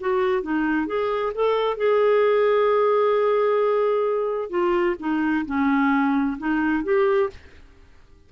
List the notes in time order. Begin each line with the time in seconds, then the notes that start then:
0.00 F#4
0.42 D#4
0.86 G#4
1.34 A4
1.77 G#4
4.50 F4
4.99 D#4
5.45 C#4
6.38 D#4
6.84 G4